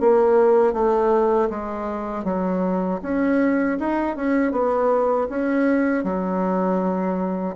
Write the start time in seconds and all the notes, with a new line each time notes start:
0.00 A#3
0.72 A3
1.49 G#3
2.24 F#3
3.02 C#4
3.79 D#4
4.16 C#4
4.52 B3
5.29 C#4
6.03 F#3